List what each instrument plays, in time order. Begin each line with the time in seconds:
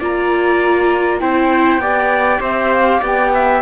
0.00 cello A#3, viola F4, trumpet D5, flute A#5
1.20 cello C4, viola E4, trumpet C5, flute G5
1.78 cello B3, viola G4, trumpet D5
2.40 cello C4, trumpet C5, flute E5
2.73 flute F5
3.00 cello B3, trumpet D5
3.06 flute G5
3.35 trumpet E5